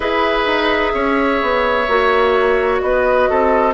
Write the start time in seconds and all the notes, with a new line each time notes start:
0.00 E4 G#4 B4 E5
0.46 D#4
0.94 C#4 C#5
1.41 B3
1.88 A#3 F#4
2.79 B3 B4 D#5
3.29 C4 A4